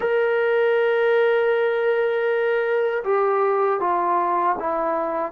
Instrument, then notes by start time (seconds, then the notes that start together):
trombone
0.00 A#4
3.03 G4
3.80 F4
4.59 E4